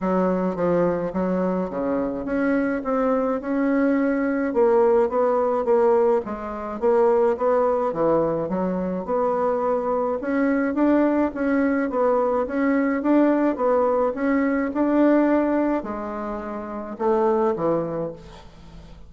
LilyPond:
\new Staff \with { instrumentName = "bassoon" } { \time 4/4 \tempo 4 = 106 fis4 f4 fis4 cis4 | cis'4 c'4 cis'2 | ais4 b4 ais4 gis4 | ais4 b4 e4 fis4 |
b2 cis'4 d'4 | cis'4 b4 cis'4 d'4 | b4 cis'4 d'2 | gis2 a4 e4 | }